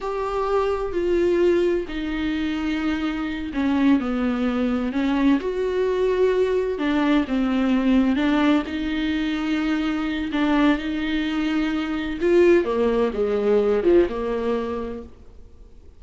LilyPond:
\new Staff \with { instrumentName = "viola" } { \time 4/4 \tempo 4 = 128 g'2 f'2 | dis'2.~ dis'8 cis'8~ | cis'8 b2 cis'4 fis'8~ | fis'2~ fis'8 d'4 c'8~ |
c'4. d'4 dis'4.~ | dis'2 d'4 dis'4~ | dis'2 f'4 ais4 | gis4. f8 ais2 | }